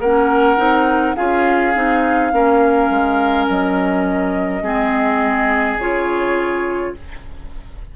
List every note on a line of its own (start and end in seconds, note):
0.00 0.58 A#3
0.00 0.58 C#4
0.00 1.16 A#4
0.00 1.16 F#5
0.58 1.16 C4
0.58 1.15 D#4
1.16 1.76 C#4
1.16 1.74 F4
1.16 2.32 G#4
1.16 3.47 F5
1.75 2.33 C4
1.75 2.33 D#4
2.33 2.90 A#3
2.33 4.64 C#4
2.33 4.64 A#4
2.90 3.48 G#3
3.49 4.62 F#3
3.49 5.80 D#5
4.62 5.77 G#3
4.62 5.79 C4
4.62 6.94 G#4
5.77 6.92 C#3
5.77 6.96 F4
5.77 6.95 C#5